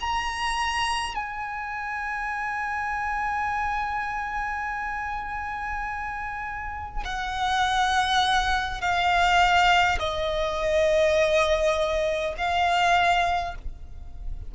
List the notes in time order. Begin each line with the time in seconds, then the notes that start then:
0.00 A#5
1.15 G#5
7.04 F#5
8.81 F5
9.99 D#5
12.37 F5